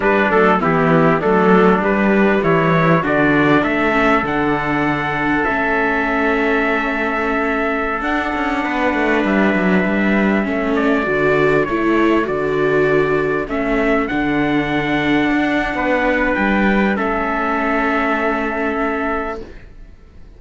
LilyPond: <<
  \new Staff \with { instrumentName = "trumpet" } { \time 4/4 \tempo 4 = 99 b'8 a'8 g'4 a'4 b'4 | cis''4 d''4 e''4 fis''4~ | fis''4 e''2.~ | e''4~ e''16 fis''2 e''8.~ |
e''4.~ e''16 d''4. cis''8.~ | cis''16 d''2 e''4 fis''8.~ | fis''2. g''4 | e''1 | }
  \new Staff \with { instrumentName = "trumpet" } { \time 4/4 d'4 e'4 d'2 | e'4 fis'4 a'2~ | a'1~ | a'2~ a'16 b'4.~ b'16~ |
b'4~ b'16 a'2~ a'8.~ | a'1~ | a'2 b'2 | a'1 | }
  \new Staff \with { instrumentName = "viola" } { \time 4/4 g8 a8 b4 a4 g4~ | g4 d'4. cis'8 d'4~ | d'4 cis'2.~ | cis'4~ cis'16 d'2~ d'8.~ |
d'4~ d'16 cis'4 fis'4 e'8.~ | e'16 fis'2 cis'4 d'8.~ | d'1 | cis'1 | }
  \new Staff \with { instrumentName = "cello" } { \time 4/4 g8 fis8 e4 fis4 g4 | e4 d4 a4 d4~ | d4 a2.~ | a4~ a16 d'8 cis'8 b8 a8 g8 fis16~ |
fis16 g4 a4 d4 a8.~ | a16 d2 a4 d8.~ | d4~ d16 d'8. b4 g4 | a1 | }
>>